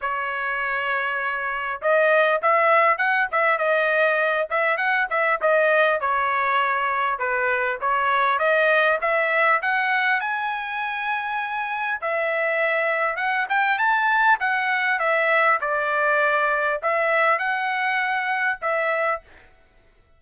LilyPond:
\new Staff \with { instrumentName = "trumpet" } { \time 4/4 \tempo 4 = 100 cis''2. dis''4 | e''4 fis''8 e''8 dis''4. e''8 | fis''8 e''8 dis''4 cis''2 | b'4 cis''4 dis''4 e''4 |
fis''4 gis''2. | e''2 fis''8 g''8 a''4 | fis''4 e''4 d''2 | e''4 fis''2 e''4 | }